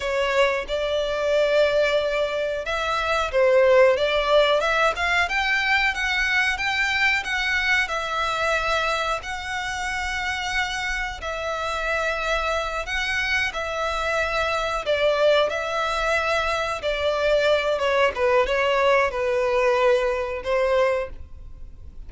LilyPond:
\new Staff \with { instrumentName = "violin" } { \time 4/4 \tempo 4 = 91 cis''4 d''2. | e''4 c''4 d''4 e''8 f''8 | g''4 fis''4 g''4 fis''4 | e''2 fis''2~ |
fis''4 e''2~ e''8 fis''8~ | fis''8 e''2 d''4 e''8~ | e''4. d''4. cis''8 b'8 | cis''4 b'2 c''4 | }